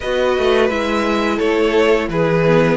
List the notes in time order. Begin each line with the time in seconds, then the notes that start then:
0.00 B3 F#4 B4 D#5
0.37 A3
0.69 G#3 E4 E5
1.36 A3 A4 C#5
2.08 E3 G#4 B4
2.46 B3